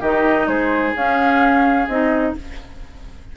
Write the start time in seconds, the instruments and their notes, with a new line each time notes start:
0.00 bassoon D#3, clarinet D#4, oboe G4, flute D#5
0.47 bassoon G#3, oboe G#4, flute C5
0.95 clarinet C#4, bassoon C#4, flute F5
1.88 bassoon C4, clarinet D#4, flute D#5